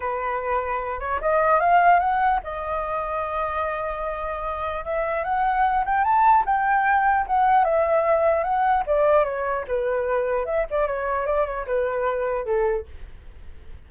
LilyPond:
\new Staff \with { instrumentName = "flute" } { \time 4/4 \tempo 4 = 149 b'2~ b'8 cis''8 dis''4 | f''4 fis''4 dis''2~ | dis''1 | e''4 fis''4. g''8 a''4 |
g''2 fis''4 e''4~ | e''4 fis''4 d''4 cis''4 | b'2 e''8 d''8 cis''4 | d''8 cis''8 b'2 a'4 | }